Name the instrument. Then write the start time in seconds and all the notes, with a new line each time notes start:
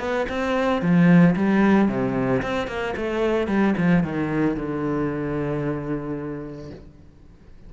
cello
0.00 B3
0.29 C4
0.82 F3
1.36 G3
1.89 C3
2.43 C4
2.68 A#3
2.97 A3
3.48 G3
3.78 F3
4.04 D#3
4.57 D3